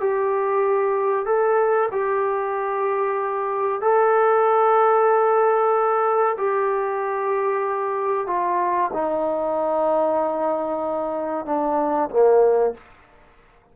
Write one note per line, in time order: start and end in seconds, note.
0.00 1.25 G4
1.25 1.89 A4
1.91 3.81 G4
3.81 6.36 A4
6.38 8.27 G4
8.27 8.91 F4
8.93 11.46 D#4
11.46 12.10 D4
12.10 12.74 A#3